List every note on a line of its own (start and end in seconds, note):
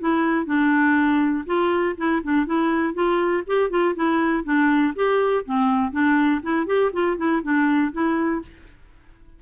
0.00 0.46 E4
0.46 1.45 D4
1.47 1.96 F4
1.98 2.22 E4
2.24 2.47 D4
2.47 2.94 E4
2.94 3.44 F4
3.47 3.71 G4
3.71 3.95 F4
3.96 4.44 E4
4.44 4.94 D4
4.96 5.45 G4
5.46 5.92 C4
5.92 6.42 D4
6.43 6.67 E4
6.67 6.92 G4
6.93 7.18 F4
7.18 7.42 E4
7.43 7.93 D4
7.93 8.43 E4